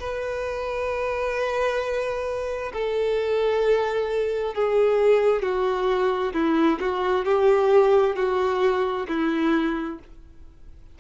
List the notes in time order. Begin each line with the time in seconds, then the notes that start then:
0.00 B4
2.74 A4
4.55 G#4
5.42 F#4
6.34 E4
6.81 F#4
7.26 G4
8.16 F#4
9.08 E4